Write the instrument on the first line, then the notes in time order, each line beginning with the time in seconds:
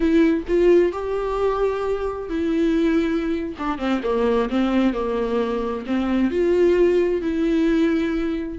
viola
0.00 E4
0.47 F4
0.92 G4
2.29 E4
3.58 D4
3.78 C4
4.03 A#3
4.49 C4
4.93 A#3
5.86 C4
6.30 F4
7.21 E4